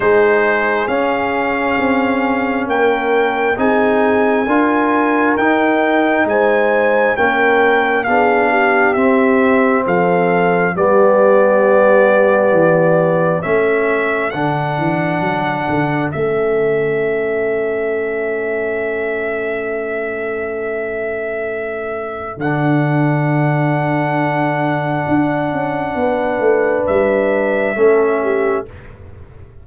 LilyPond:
<<
  \new Staff \with { instrumentName = "trumpet" } { \time 4/4 \tempo 4 = 67 c''4 f''2 g''4 | gis''2 g''4 gis''4 | g''4 f''4 e''4 f''4 | d''2. e''4 |
fis''2 e''2~ | e''1~ | e''4 fis''2.~ | fis''2 e''2 | }
  \new Staff \with { instrumentName = "horn" } { \time 4/4 gis'2. ais'4 | gis'4 ais'2 c''4 | ais'4 gis'8 g'4. a'4 | g'2. a'4~ |
a'1~ | a'1~ | a'1~ | a'4 b'2 a'8 g'8 | }
  \new Staff \with { instrumentName = "trombone" } { \time 4/4 dis'4 cis'2. | dis'4 f'4 dis'2 | cis'4 d'4 c'2 | b2. cis'4 |
d'2 cis'2~ | cis'1~ | cis'4 d'2.~ | d'2. cis'4 | }
  \new Staff \with { instrumentName = "tuba" } { \time 4/4 gis4 cis'4 c'4 ais4 | c'4 d'4 dis'4 gis4 | ais4 b4 c'4 f4 | g2 e4 a4 |
d8 e8 fis8 d8 a2~ | a1~ | a4 d2. | d'8 cis'8 b8 a8 g4 a4 | }
>>